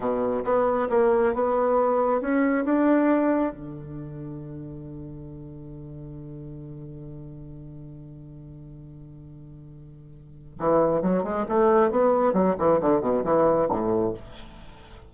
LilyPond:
\new Staff \with { instrumentName = "bassoon" } { \time 4/4 \tempo 4 = 136 b,4 b4 ais4 b4~ | b4 cis'4 d'2 | d1~ | d1~ |
d1~ | d1 | e4 fis8 gis8 a4 b4 | fis8 e8 d8 b,8 e4 a,4 | }